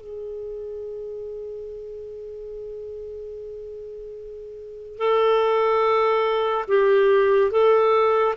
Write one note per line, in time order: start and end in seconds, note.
0.00 4.98 G#4
4.98 6.64 A4
6.67 7.51 G4
7.51 8.34 A4